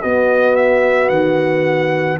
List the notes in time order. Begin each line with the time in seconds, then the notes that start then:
0.00 B3 F#4 D#5
0.56 E5
1.09 D#3 F#5